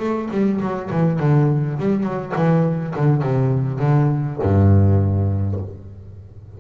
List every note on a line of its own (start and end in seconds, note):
0.00 0.29 A3
0.31 0.61 G3
0.61 0.90 F#3
0.91 1.20 E3
1.20 1.79 D3
1.79 2.04 G3
2.04 2.33 F#3
2.36 2.95 E3
2.96 3.23 D3
3.23 3.79 C3
3.79 4.38 D3
4.43 5.60 G2